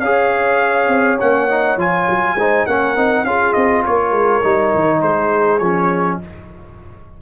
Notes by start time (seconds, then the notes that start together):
0.00 C#4 G#4 C#5 F5
0.88 C4
1.19 A#3 C#4 F#5
1.50 D#4
1.77 F3 F4 G#5
2.09 F#3
2.35 G#3 D#4 C5
2.66 A#3 C#4 A#4 F#5
2.96 C4 D#4
3.23 C#4 F4 G#4 F5
3.53 C4 D#5
3.84 A#3 A#4 C#5
4.11 G#3
4.43 G3 D#4
4.75 D#3
5.01 G#3 G#4 C5
5.58 F3 C#4 C#5